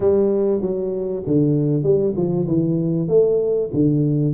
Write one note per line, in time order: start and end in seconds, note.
0.00 0.61 G3
0.61 1.23 F#3
1.26 1.83 D3
1.83 2.14 G3
2.16 2.47 F3
2.47 3.08 E3
3.08 3.70 A3
3.73 4.34 D3